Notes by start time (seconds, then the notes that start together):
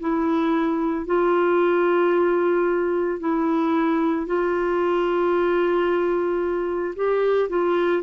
0.00 E4
1.06 F4
3.19 E4
4.26 F4
6.95 G4
7.49 F4